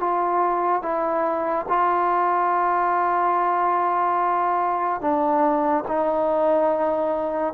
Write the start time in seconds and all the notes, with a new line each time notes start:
0.00 F4
0.83 E4
1.69 F4
5.01 D4
5.88 D#4